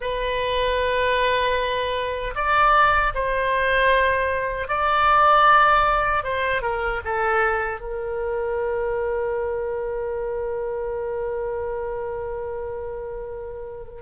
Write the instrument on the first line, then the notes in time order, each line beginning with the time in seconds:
oboe
0.00 B4
2.35 D5
3.14 C5
4.68 D5
6.23 C5
6.62 A#4
7.04 A4
7.80 A#4